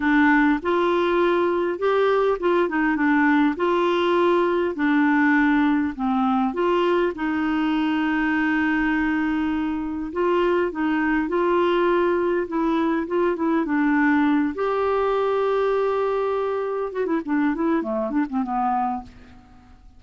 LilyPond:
\new Staff \with { instrumentName = "clarinet" } { \time 4/4 \tempo 4 = 101 d'4 f'2 g'4 | f'8 dis'8 d'4 f'2 | d'2 c'4 f'4 | dis'1~ |
dis'4 f'4 dis'4 f'4~ | f'4 e'4 f'8 e'8 d'4~ | d'8 g'2.~ g'8~ | g'8 fis'16 e'16 d'8 e'8 a8 d'16 c'16 b4 | }